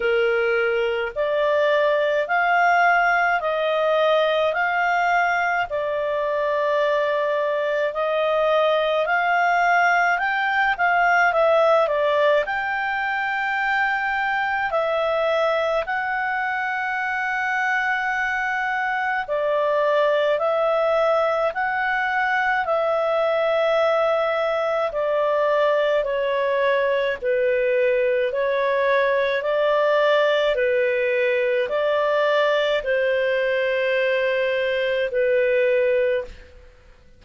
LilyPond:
\new Staff \with { instrumentName = "clarinet" } { \time 4/4 \tempo 4 = 53 ais'4 d''4 f''4 dis''4 | f''4 d''2 dis''4 | f''4 g''8 f''8 e''8 d''8 g''4~ | g''4 e''4 fis''2~ |
fis''4 d''4 e''4 fis''4 | e''2 d''4 cis''4 | b'4 cis''4 d''4 b'4 | d''4 c''2 b'4 | }